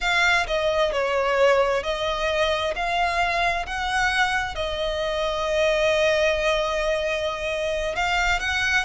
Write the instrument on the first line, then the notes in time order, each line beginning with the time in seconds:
violin
0.00 F5
0.47 D#5
0.92 C#5
1.83 D#5
2.75 F5
3.66 F#5
4.55 D#5
7.95 F5
8.39 F#5